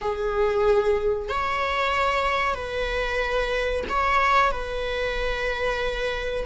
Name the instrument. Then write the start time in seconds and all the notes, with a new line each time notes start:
viola
0.01 G#4
1.28 C#5
2.55 B4
3.89 C#5
4.51 B4